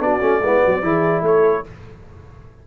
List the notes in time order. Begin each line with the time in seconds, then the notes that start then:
0.00 B3 D4 F#4 D5
0.20 A3 C#4
0.40 G#3 B3 E4
0.62 F#3 F#4
0.82 E3 E4 G#4
1.22 A3 A4 C#5